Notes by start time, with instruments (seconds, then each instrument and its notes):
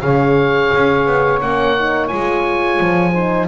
0.00 double bass C#3, horn G#4, saxophone C#5, oboe F5
0.74 double bass C#4
1.06 double bass B3
1.40 double bass A#3, horn C#4, oboe F#5
1.76 horn D#4
2.07 double bass G#3, horn F4, oboe G#5
2.80 double bass F3
3.12 horn D#4, saxophone C5